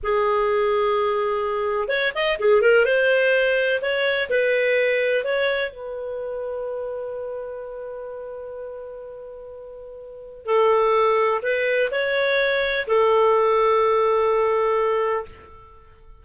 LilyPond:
\new Staff \with { instrumentName = "clarinet" } { \time 4/4 \tempo 4 = 126 gis'1 | cis''8 dis''8 gis'8 ais'8 c''2 | cis''4 b'2 cis''4 | b'1~ |
b'1~ | b'2 a'2 | b'4 cis''2 a'4~ | a'1 | }